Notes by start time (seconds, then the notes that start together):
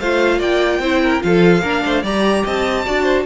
0.00 A3 F4 C5 F5
0.39 A#3 D5 G5
0.79 C4 E4 C5
1.03 A#4
1.21 F3 F4 A4 F5
1.62 A#3 D4 A#4
1.86 A3 C5
2.03 G3 G4 D5 A#5
2.44 C4 D#5 A5
2.85 D4 F#4 D5
3.03 C5